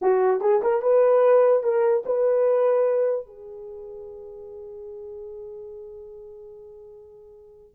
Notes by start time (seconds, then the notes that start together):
0.01 F#4
0.40 G#4
0.62 A#4
0.82 B4
1.63 A#4
2.05 B4
3.26 G#4